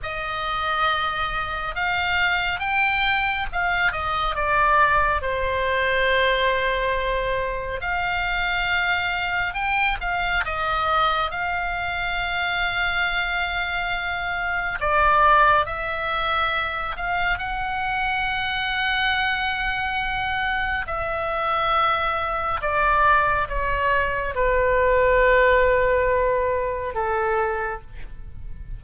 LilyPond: \new Staff \with { instrumentName = "oboe" } { \time 4/4 \tempo 4 = 69 dis''2 f''4 g''4 | f''8 dis''8 d''4 c''2~ | c''4 f''2 g''8 f''8 | dis''4 f''2.~ |
f''4 d''4 e''4. f''8 | fis''1 | e''2 d''4 cis''4 | b'2. a'4 | }